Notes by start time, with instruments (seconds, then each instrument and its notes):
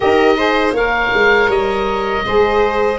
0.00 tuba D#4, saxophone G4, viola A#4, oboe D#5
0.36 saxophone G#4, viola C5
0.73 tuba A#3, saxophone A#4, viola C#5, oboe F5
1.13 tuba G#3
1.48 tuba G3, oboe D#5
2.25 tuba G#3, saxophone G#4, viola C5